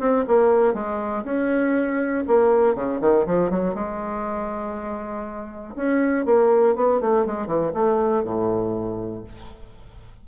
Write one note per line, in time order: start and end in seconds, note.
0.00 0.25 C4
0.27 0.74 A#3
0.74 1.24 G#3
1.24 2.25 C#4
2.28 2.75 A#3
2.75 3.00 C#3
3.01 3.26 D#3
3.26 3.51 F3
3.51 3.75 F#3
3.75 5.75 G#3
5.76 6.26 C#4
6.26 6.76 A#3
6.76 7.01 B3
7.01 7.26 A3
7.26 7.47 G#3
7.47 7.72 E3
7.74 8.24 A3
8.24 9.24 A2